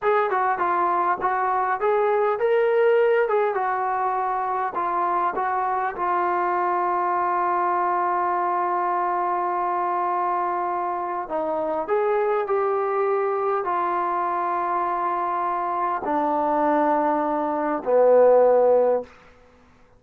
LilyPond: \new Staff \with { instrumentName = "trombone" } { \time 4/4 \tempo 4 = 101 gis'8 fis'8 f'4 fis'4 gis'4 | ais'4. gis'8 fis'2 | f'4 fis'4 f'2~ | f'1~ |
f'2. dis'4 | gis'4 g'2 f'4~ | f'2. d'4~ | d'2 b2 | }